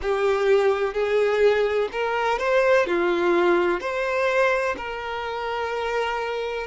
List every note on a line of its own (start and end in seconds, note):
0.02 0.93 G4
0.93 1.88 G#4
1.91 2.38 A#4
2.38 2.86 C5
2.86 3.80 F4
3.80 4.75 C5
4.77 6.67 A#4